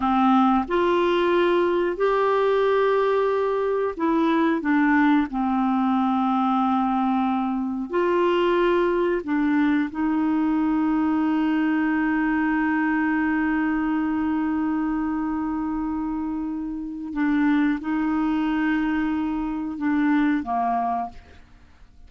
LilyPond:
\new Staff \with { instrumentName = "clarinet" } { \time 4/4 \tempo 4 = 91 c'4 f'2 g'4~ | g'2 e'4 d'4 | c'1 | f'2 d'4 dis'4~ |
dis'1~ | dis'1~ | dis'2 d'4 dis'4~ | dis'2 d'4 ais4 | }